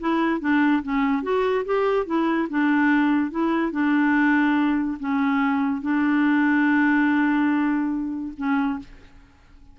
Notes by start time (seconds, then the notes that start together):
0.00 E4
0.40 D4
0.83 C#4
1.23 F#4
1.65 G4
2.06 E4
2.50 D4
3.31 E4
3.72 D4
4.99 C#4
5.82 D4
8.37 C#4